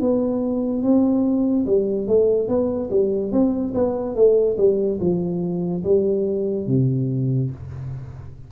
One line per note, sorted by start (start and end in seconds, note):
0.00 0.83 B3
0.83 1.66 C4
1.66 2.08 G3
2.08 2.48 A3
2.48 2.90 B3
2.90 3.32 G3
3.32 3.73 C4
3.74 4.15 B3
4.15 4.57 A3
4.57 4.99 G3
5.00 5.83 F3
5.84 6.67 G3
6.67 7.50 C3